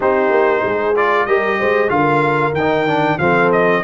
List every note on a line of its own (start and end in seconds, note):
0.00 0.30 C4
0.00 0.95 D#4
0.00 0.63 G4
0.00 0.96 C5
0.30 0.62 A#3
0.63 1.27 G#3
0.63 1.27 G#4
0.96 1.28 F4
0.96 1.26 D5
1.26 1.59 G3
1.26 1.88 G4
1.26 1.59 A#4
1.26 1.89 D#5
1.59 1.90 G#3
1.59 1.91 C5
1.88 2.52 D3
1.88 2.52 F4
1.88 3.19 A#4
1.88 2.53 F5
2.52 3.16 D#3
2.52 3.18 G5
2.59 2.87 D#4
2.87 3.19 D4
3.18 3.83 F3
3.18 3.83 C4
3.18 3.83 A4
3.18 3.50 F5
3.51 3.83 D#5